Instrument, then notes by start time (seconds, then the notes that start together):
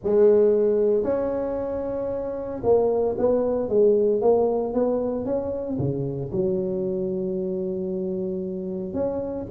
tuba
0.03 G#3
1.03 C#4
2.63 A#3
3.17 B3
3.68 G#3
4.21 A#3
4.73 B3
5.25 C#4
5.78 C#3
6.32 F#3
8.93 C#4